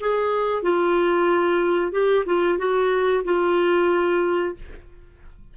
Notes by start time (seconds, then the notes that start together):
0.00 G#4
0.63 F4
1.92 G4
2.26 F4
2.58 F#4
3.24 F4